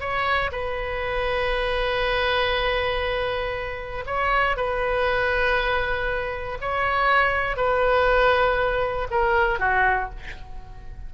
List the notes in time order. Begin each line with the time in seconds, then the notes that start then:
0.00 C#5
0.52 B4
4.06 C#5
4.56 B4
6.61 C#5
7.56 B4
9.10 A#4
9.59 F#4